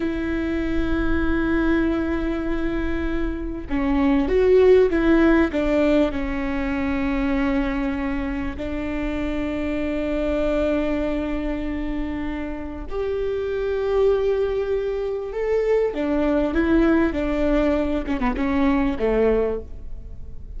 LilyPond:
\new Staff \with { instrumentName = "viola" } { \time 4/4 \tempo 4 = 98 e'1~ | e'2 cis'4 fis'4 | e'4 d'4 cis'2~ | cis'2 d'2~ |
d'1~ | d'4 g'2.~ | g'4 a'4 d'4 e'4 | d'4. cis'16 b16 cis'4 a4 | }